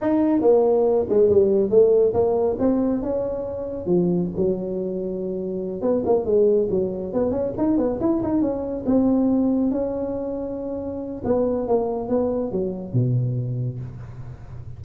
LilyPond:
\new Staff \with { instrumentName = "tuba" } { \time 4/4 \tempo 4 = 139 dis'4 ais4. gis8 g4 | a4 ais4 c'4 cis'4~ | cis'4 f4 fis2~ | fis4. b8 ais8 gis4 fis8~ |
fis8 b8 cis'8 dis'8 b8 e'8 dis'8 cis'8~ | cis'8 c'2 cis'4.~ | cis'2 b4 ais4 | b4 fis4 b,2 | }